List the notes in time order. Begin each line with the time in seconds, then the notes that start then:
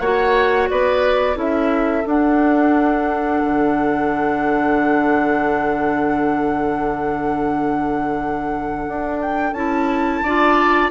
0.00 A#3 F#4 C#5 F#5
0.70 B3 B4 D5
1.35 C#4 E4 A4 E5
2.06 D4 F#5
3.44 D3
8.88 D4
9.22 G5
9.53 C#4 E4 A5
10.24 D4 F4 D5